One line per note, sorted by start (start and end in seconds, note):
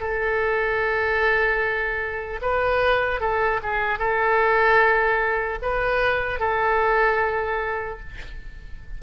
0.00 2.40 A4
2.42 3.20 B4
3.20 3.60 A4
3.63 3.99 G#4
3.99 5.59 A4
5.62 6.40 B4
6.40 8.00 A4